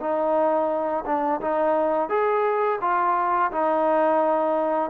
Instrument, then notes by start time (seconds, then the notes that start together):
trombone
0.00 D#4
1.06 D4
1.41 D#4
2.10 G#4
2.82 F4
3.52 D#4